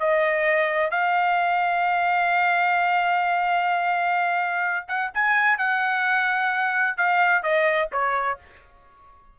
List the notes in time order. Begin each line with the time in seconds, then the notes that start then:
0.00 D#5
0.91 F5
4.89 F#5
5.15 G#5
5.59 F#5
6.98 F5
7.43 D#5
7.93 C#5